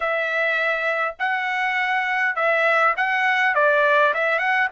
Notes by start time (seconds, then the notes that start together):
0.00 E5
1.19 F#5
2.35 E5
2.96 F#5
3.55 D5
4.14 E5
4.38 F#5